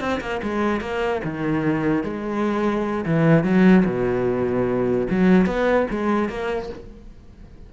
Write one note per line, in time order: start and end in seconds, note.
0.00 0.20 C4
0.20 0.41 A#3
0.43 0.81 G#3
0.81 1.21 A#3
1.24 2.03 D#3
2.03 3.05 G#3
3.05 3.44 E3
3.44 3.84 F#3
3.85 5.07 B2
5.10 5.46 F#3
5.46 5.87 B3
5.90 6.29 G#3
6.29 6.69 A#3